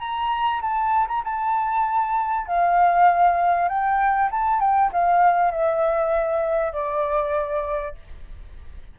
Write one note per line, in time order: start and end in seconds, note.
0.00 0.61 A#5
0.62 1.08 A5
1.08 1.24 A#5
1.25 2.47 A5
2.47 3.69 F5
3.69 4.30 G5
4.31 4.61 A5
4.61 4.91 G5
4.93 5.51 F5
5.51 6.73 E5
6.73 7.95 D5